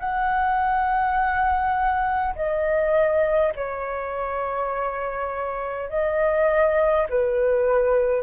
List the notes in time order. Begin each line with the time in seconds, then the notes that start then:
0.00 F#5
2.36 D#5
3.56 C#5
5.90 D#5
7.10 B4